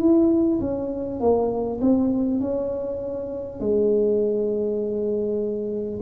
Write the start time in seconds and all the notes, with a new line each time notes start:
0.00 E4
0.61 C#4
1.21 A#3
1.81 C4
2.41 C#4
3.60 G#3